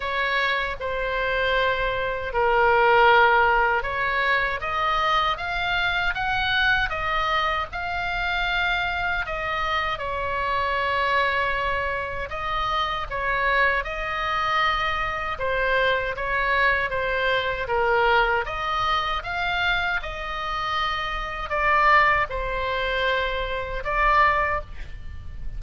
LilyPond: \new Staff \with { instrumentName = "oboe" } { \time 4/4 \tempo 4 = 78 cis''4 c''2 ais'4~ | ais'4 cis''4 dis''4 f''4 | fis''4 dis''4 f''2 | dis''4 cis''2. |
dis''4 cis''4 dis''2 | c''4 cis''4 c''4 ais'4 | dis''4 f''4 dis''2 | d''4 c''2 d''4 | }